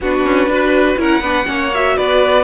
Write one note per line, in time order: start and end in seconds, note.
0.01 0.25 B3
0.01 0.50 D4
0.01 0.50 F#4
0.01 1.01 B4
0.25 0.46 C#4
0.46 0.95 D4
0.46 0.97 F#4
0.46 0.98 B4
0.97 1.20 C#4
0.97 1.22 E4
0.97 1.21 A#4
0.97 1.74 F#5
1.20 1.45 B3
1.20 1.45 D4
1.20 1.46 B4
1.45 1.97 A#3
1.45 1.69 C#4
1.45 1.96 C#5
1.74 2.43 F#4
1.74 1.97 E5
1.96 2.43 B3
1.96 2.43 B4
1.96 2.43 D5